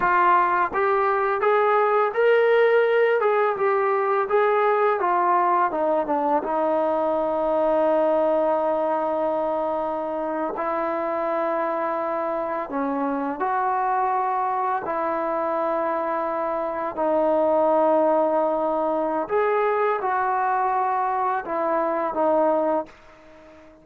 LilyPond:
\new Staff \with { instrumentName = "trombone" } { \time 4/4 \tempo 4 = 84 f'4 g'4 gis'4 ais'4~ | ais'8 gis'8 g'4 gis'4 f'4 | dis'8 d'8 dis'2.~ | dis'2~ dis'8. e'4~ e'16~ |
e'4.~ e'16 cis'4 fis'4~ fis'16~ | fis'8. e'2. dis'16~ | dis'2. gis'4 | fis'2 e'4 dis'4 | }